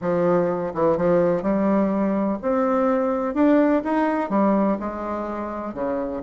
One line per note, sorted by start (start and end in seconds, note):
0.01 0.73 F3
0.74 0.97 E3
0.97 1.42 F3
1.42 2.38 G3
2.41 3.34 C4
3.34 3.82 D4
3.84 4.29 D#4
4.29 4.77 G3
4.79 5.74 G#3
5.74 6.22 C#3